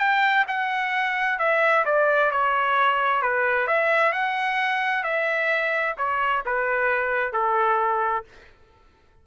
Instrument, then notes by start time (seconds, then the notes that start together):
trumpet
0.00 G5
0.48 F#5
1.39 E5
1.86 D5
2.32 C#5
3.22 B4
3.68 E5
4.13 F#5
5.04 E5
5.98 C#5
6.46 B4
7.33 A4